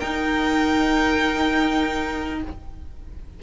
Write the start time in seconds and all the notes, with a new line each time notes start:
0.00 D#4 A#4 G5